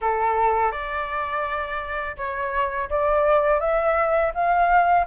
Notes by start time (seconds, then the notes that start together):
0.01 A4
0.71 D5
2.17 C#5
2.89 D5
3.60 E5
4.34 F5